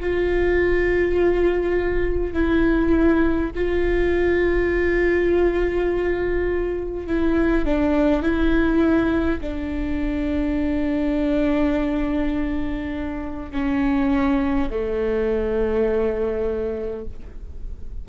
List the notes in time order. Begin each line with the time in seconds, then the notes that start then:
0.00 F4
2.33 E4
3.56 F4
7.07 E4
7.65 D4
8.23 E4
9.41 D4
13.52 C#4
14.70 A3